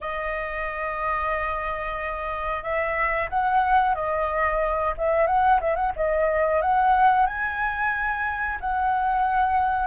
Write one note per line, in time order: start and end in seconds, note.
0.00 2.63 D#5
2.63 3.29 E5
3.29 3.94 F#5
3.94 4.93 D#5
4.97 5.27 E5
5.27 5.60 F#5
5.60 5.75 E5
5.75 5.92 F#5
5.96 6.61 D#5
6.61 7.26 F#5
7.26 8.58 G#5
8.60 9.86 F#5